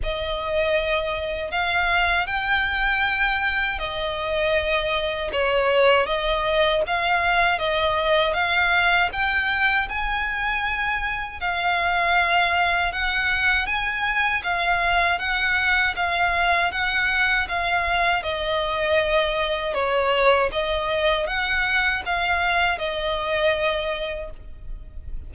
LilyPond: \new Staff \with { instrumentName = "violin" } { \time 4/4 \tempo 4 = 79 dis''2 f''4 g''4~ | g''4 dis''2 cis''4 | dis''4 f''4 dis''4 f''4 | g''4 gis''2 f''4~ |
f''4 fis''4 gis''4 f''4 | fis''4 f''4 fis''4 f''4 | dis''2 cis''4 dis''4 | fis''4 f''4 dis''2 | }